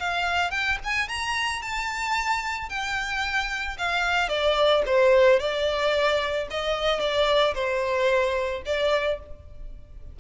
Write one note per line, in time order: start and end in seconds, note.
0.00 0.51 F5
0.51 0.78 G5
0.85 1.09 G#5
1.09 1.63 A#5
1.63 2.70 A5
2.70 3.78 G5
3.79 4.29 F5
4.29 4.84 D5
4.87 5.40 C5
5.40 6.48 D5
6.51 7.00 D#5
7.00 7.55 D5
7.55 8.63 C5
8.66 9.20 D5